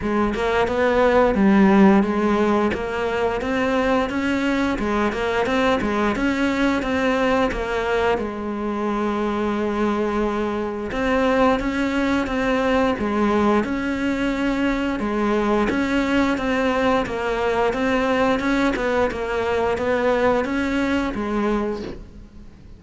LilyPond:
\new Staff \with { instrumentName = "cello" } { \time 4/4 \tempo 4 = 88 gis8 ais8 b4 g4 gis4 | ais4 c'4 cis'4 gis8 ais8 | c'8 gis8 cis'4 c'4 ais4 | gis1 |
c'4 cis'4 c'4 gis4 | cis'2 gis4 cis'4 | c'4 ais4 c'4 cis'8 b8 | ais4 b4 cis'4 gis4 | }